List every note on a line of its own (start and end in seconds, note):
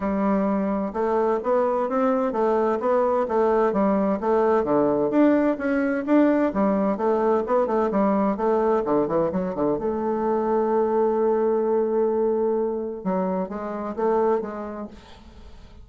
0.00 0.92 G3
0.93 1.39 A3
1.43 1.89 B3
1.89 2.32 C4
2.32 2.78 A3
2.79 3.26 B3
3.27 3.72 A3
3.72 4.19 G3
4.20 4.63 A3
4.63 5.10 D3
5.10 5.56 D4
5.58 6.04 C#4
6.06 6.52 D4
6.53 6.97 G3
6.97 7.43 A3
7.46 7.66 B3
7.66 7.90 A3
7.91 8.36 G3
8.36 8.83 A3
8.85 9.07 D3
9.07 9.30 E3
9.31 9.55 F#3
9.55 9.78 D3
9.78 13.04 A3
13.04 13.49 F#3
13.49 13.95 G#3
13.96 14.41 A3
14.41 14.87 G#3